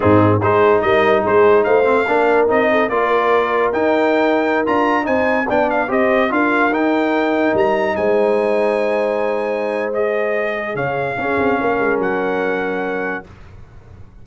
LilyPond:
<<
  \new Staff \with { instrumentName = "trumpet" } { \time 4/4 \tempo 4 = 145 gis'4 c''4 dis''4 c''4 | f''2 dis''4 d''4~ | d''4 g''2~ g''16 ais''8.~ | ais''16 gis''4 g''8 f''8 dis''4 f''8.~ |
f''16 g''2 ais''4 gis''8.~ | gis''1 | dis''2 f''2~ | f''4 fis''2. | }
  \new Staff \with { instrumentName = "horn" } { \time 4/4 dis'4 gis'4 ais'4 gis'4 | c''4 ais'4. a'8 ais'4~ | ais'1~ | ais'16 c''4 d''4 c''4 ais'8.~ |
ais'2.~ ais'16 c''8.~ | c''1~ | c''2 cis''4 gis'4 | ais'1 | }
  \new Staff \with { instrumentName = "trombone" } { \time 4/4 c'4 dis'2.~ | dis'8 c'8 d'4 dis'4 f'4~ | f'4 dis'2~ dis'16 f'8.~ | f'16 dis'4 d'4 g'4 f'8.~ |
f'16 dis'2.~ dis'8.~ | dis'1 | gis'2. cis'4~ | cis'1 | }
  \new Staff \with { instrumentName = "tuba" } { \time 4/4 gis,4 gis4 g4 gis4 | a4 ais4 c'4 ais4~ | ais4 dis'2~ dis'16 d'8.~ | d'16 c'4 b4 c'4 d'8.~ |
d'16 dis'2 g4 gis8.~ | gis1~ | gis2 cis4 cis'8 c'8 | ais8 gis8 fis2. | }
>>